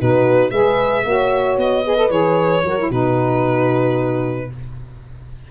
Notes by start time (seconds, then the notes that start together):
0.00 B2 D#4 F#4 B4
0.51 G#3 G#4 B4 E5
1.05 A#3 F#4 C#5
1.57 B3 D#5
1.86 G#4 B4
1.97 A4
2.09 E3 G#4 C#5
2.63 F#3 F#4 A#4
2.79 E4
2.88 B2 D#4 F#4 B4